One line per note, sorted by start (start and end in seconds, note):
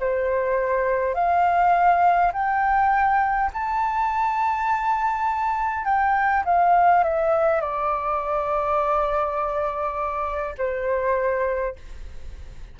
0.00 1.14 C5
1.14 2.32 F5
2.33 3.51 G5
3.53 5.85 A5
5.85 6.44 G5
6.45 7.04 F5
7.04 7.61 E5
7.61 10.55 D5
10.58 11.76 C5